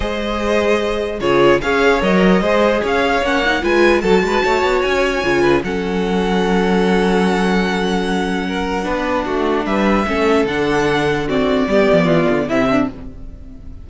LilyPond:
<<
  \new Staff \with { instrumentName = "violin" } { \time 4/4 \tempo 4 = 149 dis''2. cis''4 | f''4 dis''2 f''4 | fis''4 gis''4 a''2 | gis''2 fis''2~ |
fis''1~ | fis''1 | e''2 fis''2 | d''2. e''4 | }
  \new Staff \with { instrumentName = "violin" } { \time 4/4 c''2. gis'4 | cis''2 c''4 cis''4~ | cis''4 b'4 a'8 b'8 cis''4~ | cis''4. b'8 a'2~ |
a'1~ | a'4 ais'4 b'4 fis'4 | b'4 a'2. | fis'4 g'4 f'4 e'8 d'8 | }
  \new Staff \with { instrumentName = "viola" } { \time 4/4 gis'2. f'4 | gis'4 ais'4 gis'2 | cis'8 dis'8 f'4 fis'2~ | fis'4 f'4 cis'2~ |
cis'1~ | cis'2 d'2~ | d'4 cis'4 d'2 | c'4 b2 c'4 | }
  \new Staff \with { instrumentName = "cello" } { \time 4/4 gis2. cis4 | cis'4 fis4 gis4 cis'4 | ais4 gis4 fis8 gis8 a8 b8 | cis'4 cis4 fis2~ |
fis1~ | fis2 b4 a4 | g4 a4 d2~ | d4 g8 f8 e8 d8 c4 | }
>>